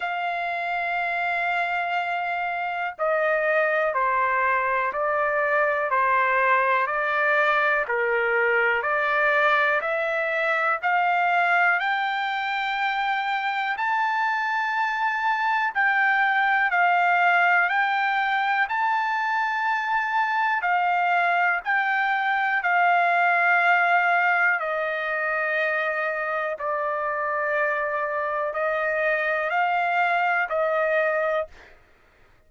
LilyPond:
\new Staff \with { instrumentName = "trumpet" } { \time 4/4 \tempo 4 = 61 f''2. dis''4 | c''4 d''4 c''4 d''4 | ais'4 d''4 e''4 f''4 | g''2 a''2 |
g''4 f''4 g''4 a''4~ | a''4 f''4 g''4 f''4~ | f''4 dis''2 d''4~ | d''4 dis''4 f''4 dis''4 | }